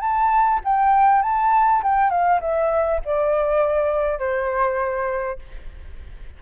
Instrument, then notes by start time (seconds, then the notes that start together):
flute
0.00 A5
0.64 G5
1.22 A5
1.83 G5
2.10 F5
2.40 E5
3.05 D5
4.19 C5